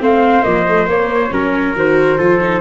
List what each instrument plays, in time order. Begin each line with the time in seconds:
0.00 tuba A3, viola C4, trumpet C5, flute F5
0.43 tuba F3, viola A#3, flute D#5
0.68 viola A3
0.87 viola A#3, tuba A#3, flute C#5
1.32 tuba F#3, viola C#4, trumpet A#4
1.75 tuba D#3, viola F#4, flute C5
2.18 tuba F3, viola F4, trumpet A4
2.41 viola D#4